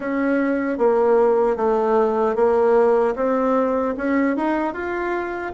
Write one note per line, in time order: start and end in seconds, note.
0.00 0.78 C#4
0.78 1.56 A#3
1.56 2.35 A3
2.35 3.14 A#3
3.15 3.94 C4
3.97 4.36 C#4
4.36 4.73 D#4
4.73 5.52 F4